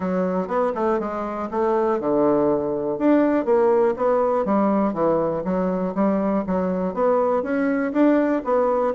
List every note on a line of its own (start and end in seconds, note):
0.00 0.47 F#3
0.47 0.72 B3
0.74 0.99 A3
0.99 1.49 G#3
1.50 2.00 A3
2.00 2.98 D3
2.98 3.45 D4
3.45 3.94 A#3
3.96 4.45 B3
4.45 4.93 G3
4.93 5.43 E3
5.44 5.94 F#3
5.95 6.44 G3
6.46 6.94 F#3
6.94 7.42 B3
7.42 7.92 C#4
7.92 8.42 D4
8.44 8.94 B3